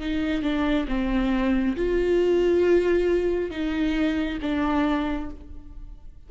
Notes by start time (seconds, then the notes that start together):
0.00 D#4
0.42 D4
0.88 C4
1.76 F4
3.51 D#4
4.42 D4